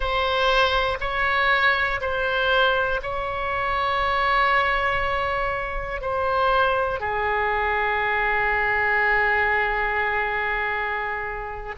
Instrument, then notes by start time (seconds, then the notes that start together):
oboe
0.00 C5
1.00 C#5
2.00 C5
3.02 C#5
6.01 C5
7.00 G#4